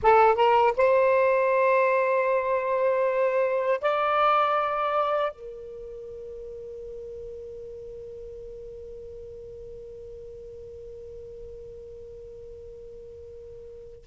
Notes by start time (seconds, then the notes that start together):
0.02 A4
0.35 A#4
0.77 C5
3.81 D5
5.32 A#4